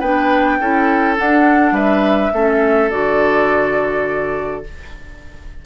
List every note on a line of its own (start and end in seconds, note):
0.00 0.59 B3
0.00 0.61 D4
0.00 0.58 B4
0.00 1.17 G5
0.60 1.18 C#4
0.60 1.17 E4
0.60 1.75 A4
1.17 2.32 D4
1.17 1.72 D4
1.17 1.76 F#5
1.72 2.30 G3
1.72 2.32 B4
1.72 2.91 E5
2.33 2.91 A3
2.33 2.91 C#4
2.33 4.65 A4
2.91 4.66 D3
2.91 4.64 F#4
2.91 4.64 D5